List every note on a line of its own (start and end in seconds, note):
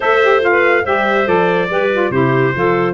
0.00 0.86 A3
0.00 0.21 A4
0.00 0.51 C5
0.00 0.43 E5
0.22 0.40 G4
0.40 0.83 F4
0.40 0.85 F5
0.51 0.83 B4
0.84 1.27 G3
0.84 1.25 G4
0.84 1.68 C5
0.84 1.27 E5
1.25 1.69 F3
1.25 1.68 A4
1.25 2.11 D5
1.69 2.10 G3
1.69 1.91 G4
1.69 2.12 B4
1.92 2.12 F4
2.10 2.52 C3
2.10 2.53 E4
2.10 2.54 G4
2.10 2.93 C5
2.53 2.93 F3
2.53 2.93 F4
2.53 2.93 A4